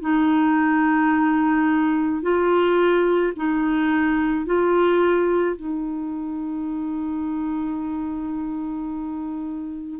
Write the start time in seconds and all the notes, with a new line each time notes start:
0.00 D#4
2.22 F4
3.36 D#4
4.45 F4
5.56 D#4